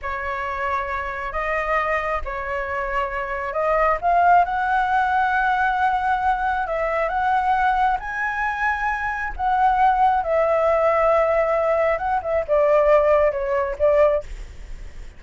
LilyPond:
\new Staff \with { instrumentName = "flute" } { \time 4/4 \tempo 4 = 135 cis''2. dis''4~ | dis''4 cis''2. | dis''4 f''4 fis''2~ | fis''2. e''4 |
fis''2 gis''2~ | gis''4 fis''2 e''4~ | e''2. fis''8 e''8 | d''2 cis''4 d''4 | }